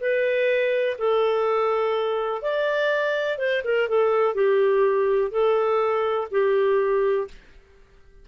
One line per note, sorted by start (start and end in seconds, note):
0.00 0.97 B4
0.98 2.41 A4
2.41 3.38 D5
3.38 3.62 C5
3.64 3.88 A#4
3.88 4.34 A4
4.34 5.31 G4
5.31 6.27 A4
6.31 7.27 G4